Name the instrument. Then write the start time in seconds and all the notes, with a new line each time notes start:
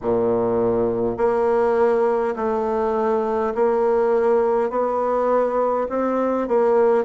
bassoon
0.01 A#2
1.17 A#3
2.35 A3
3.55 A#3
4.70 B3
5.89 C4
6.48 A#3